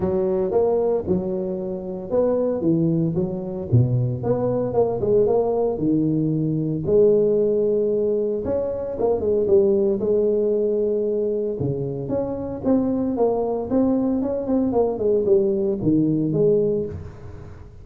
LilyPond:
\new Staff \with { instrumentName = "tuba" } { \time 4/4 \tempo 4 = 114 fis4 ais4 fis2 | b4 e4 fis4 b,4 | b4 ais8 gis8 ais4 dis4~ | dis4 gis2. |
cis'4 ais8 gis8 g4 gis4~ | gis2 cis4 cis'4 | c'4 ais4 c'4 cis'8 c'8 | ais8 gis8 g4 dis4 gis4 | }